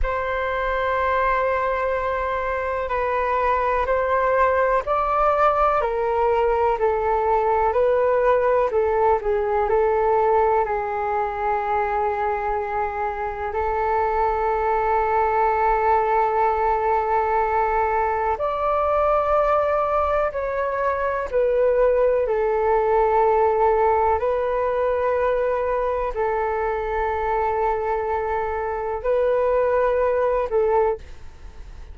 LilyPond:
\new Staff \with { instrumentName = "flute" } { \time 4/4 \tempo 4 = 62 c''2. b'4 | c''4 d''4 ais'4 a'4 | b'4 a'8 gis'8 a'4 gis'4~ | gis'2 a'2~ |
a'2. d''4~ | d''4 cis''4 b'4 a'4~ | a'4 b'2 a'4~ | a'2 b'4. a'8 | }